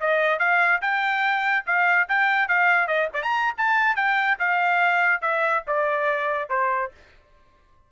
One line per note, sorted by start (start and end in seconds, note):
0.00 0.39 D#5
0.39 0.81 F5
0.81 1.65 G5
1.66 2.08 F5
2.08 2.48 G5
2.48 2.87 F5
2.87 3.08 D#5
3.13 3.22 D5
3.22 3.54 A#5
3.57 3.96 A5
3.96 4.38 G5
4.39 5.21 F5
5.21 5.63 E5
5.67 6.49 D5
6.49 6.91 C5